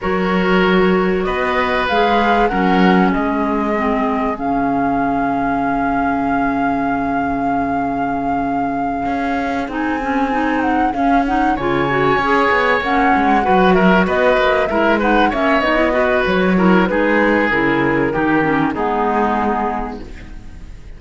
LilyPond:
<<
  \new Staff \with { instrumentName = "flute" } { \time 4/4 \tempo 4 = 96 cis''2 dis''4 f''4 | fis''4 dis''2 f''4~ | f''1~ | f''2.~ f''8 gis''8~ |
gis''4 fis''8 f''8 fis''8 gis''4.~ | gis''8 fis''4. e''8 dis''4 e''8 | fis''8 e''8 dis''4 cis''4 b'4 | ais'2 gis'2 | }
  \new Staff \with { instrumentName = "oboe" } { \time 4/4 ais'2 b'2 | ais'4 gis'2.~ | gis'1~ | gis'1~ |
gis'2~ gis'8 cis''4.~ | cis''4. b'8 ais'8 b'4 ais'8 | b'8 cis''4 b'4 ais'8 gis'4~ | gis'4 g'4 dis'2 | }
  \new Staff \with { instrumentName = "clarinet" } { \time 4/4 fis'2. gis'4 | cis'2 c'4 cis'4~ | cis'1~ | cis'2.~ cis'8 dis'8 |
cis'8 dis'4 cis'8 dis'8 f'8 fis'8 gis'8~ | gis'8 cis'4 fis'2 e'8 | dis'8 cis'8 dis'16 e'16 fis'4 e'8 dis'4 | e'4 dis'8 cis'8 b2 | }
  \new Staff \with { instrumentName = "cello" } { \time 4/4 fis2 b4 gis4 | fis4 gis2 cis4~ | cis1~ | cis2~ cis8 cis'4 c'8~ |
c'4. cis'4 cis4 cis'8 | b8 ais8 gis8 fis4 b8 ais8 gis8~ | gis8 ais8 b4 fis4 gis4 | cis4 dis4 gis2 | }
>>